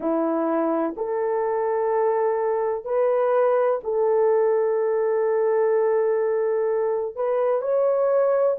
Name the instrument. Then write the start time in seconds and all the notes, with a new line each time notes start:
horn
0.00 E4
0.96 A4
2.84 B4
3.83 A4
7.15 B4
7.61 C#5